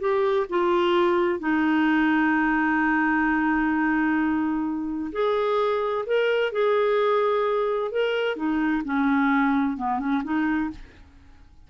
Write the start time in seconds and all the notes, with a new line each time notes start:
0.00 G4
0.49 F4
1.39 D#4
5.12 G#4
6.06 A#4
6.52 G#4
7.92 A#4
8.36 D#4
8.85 C#4
9.77 B3
9.99 C#4
10.24 D#4